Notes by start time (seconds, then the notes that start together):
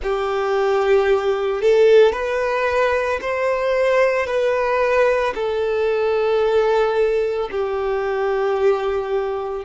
0.02 G4
1.61 A4
2.12 B4
3.21 C5
4.26 B4
5.34 A4
7.51 G4